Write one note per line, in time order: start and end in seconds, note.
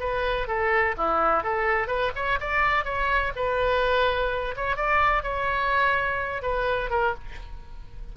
0.00 0.48 B4
0.48 0.95 A4
0.98 1.44 E4
1.44 1.88 A4
1.88 2.11 B4
2.15 2.39 C#5
2.40 2.85 D5
2.85 3.32 C#5
3.36 4.55 B4
4.56 4.76 C#5
4.76 5.23 D5
5.23 6.42 C#5
6.43 6.90 B4
6.90 7.14 A#4